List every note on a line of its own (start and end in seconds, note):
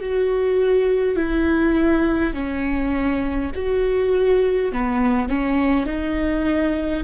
0.00 1.16 F#4
1.16 2.33 E4
2.33 3.51 C#4
3.55 4.72 F#4
4.72 5.29 B3
5.29 5.86 C#4
5.86 7.03 D#4